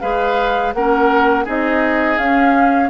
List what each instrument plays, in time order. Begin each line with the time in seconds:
0.00 bassoon G#3, clarinet G#4, oboe B4, flute F5
0.73 bassoon A#3, clarinet C#4, oboe A#4, flute F#5
1.44 bassoon C4, clarinet D#4, oboe G#4, flute D#5
2.18 bassoon C#4, clarinet C#4, flute F5